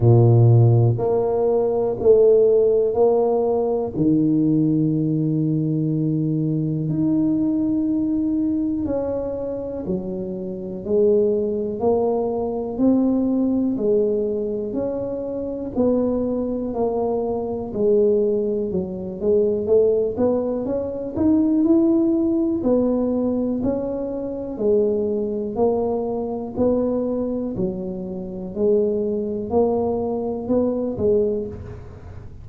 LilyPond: \new Staff \with { instrumentName = "tuba" } { \time 4/4 \tempo 4 = 61 ais,4 ais4 a4 ais4 | dis2. dis'4~ | dis'4 cis'4 fis4 gis4 | ais4 c'4 gis4 cis'4 |
b4 ais4 gis4 fis8 gis8 | a8 b8 cis'8 dis'8 e'4 b4 | cis'4 gis4 ais4 b4 | fis4 gis4 ais4 b8 gis8 | }